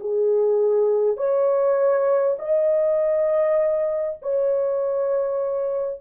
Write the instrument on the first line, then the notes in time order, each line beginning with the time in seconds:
horn
0.00 G#4
1.17 C#5
2.39 D#5
4.22 C#5